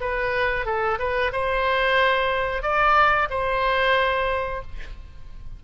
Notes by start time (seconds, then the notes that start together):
0.00 B4
0.65 A4
0.99 B4
1.32 C5
2.62 D5
3.30 C5